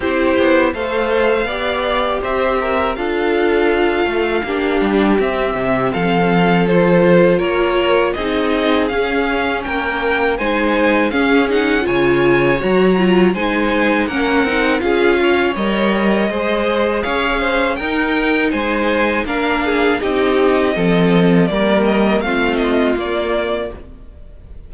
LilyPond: <<
  \new Staff \with { instrumentName = "violin" } { \time 4/4 \tempo 4 = 81 c''4 f''2 e''4 | f''2. e''4 | f''4 c''4 cis''4 dis''4 | f''4 g''4 gis''4 f''8 fis''8 |
gis''4 ais''4 gis''4 fis''4 | f''4 dis''2 f''4 | g''4 gis''4 f''4 dis''4~ | dis''4 d''8 dis''8 f''8 dis''8 d''4 | }
  \new Staff \with { instrumentName = "violin" } { \time 4/4 g'4 c''4 d''4 c''8 ais'8 | a'2 g'2 | a'2 ais'4 gis'4~ | gis'4 ais'4 c''4 gis'4 |
cis''2 c''4 ais'4 | gis'8 cis''4. c''4 cis''8 c''8 | ais'4 c''4 ais'8 gis'8 g'4 | a'4 ais'4 f'2 | }
  \new Staff \with { instrumentName = "viola" } { \time 4/4 e'4 a'4 g'2 | f'2 d'4 c'4~ | c'4 f'2 dis'4 | cis'2 dis'4 cis'8 dis'8 |
f'4 fis'8 f'8 dis'4 cis'8 dis'8 | f'4 ais'4 gis'2 | dis'2 d'4 dis'4 | c'4 ais4 c'4 ais4 | }
  \new Staff \with { instrumentName = "cello" } { \time 4/4 c'8 b8 a4 b4 c'4 | d'4. a8 ais8 g8 c'8 c8 | f2 ais4 c'4 | cis'4 ais4 gis4 cis'4 |
cis4 fis4 gis4 ais8 c'8 | cis'4 g4 gis4 cis'4 | dis'4 gis4 ais4 c'4 | f4 g4 a4 ais4 | }
>>